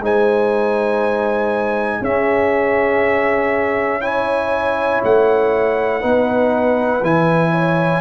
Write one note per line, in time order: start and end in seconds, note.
0.00 2.00 G#3
0.00 2.03 D#4
0.00 2.01 C5
0.00 2.04 G#5
2.01 5.01 C#4
2.01 4.01 C#4
2.01 4.01 G#4
2.01 4.01 E5
4.01 6.01 E4
4.01 6.00 C#5
4.01 5.01 G#5
5.03 6.03 A3
5.03 7.04 F#5
6.00 7.02 B3
6.00 7.01 D#4
6.00 7.50 B4
7.02 8.01 E3
7.02 8.01 E4
7.02 8.01 G#5
7.51 8.01 C#5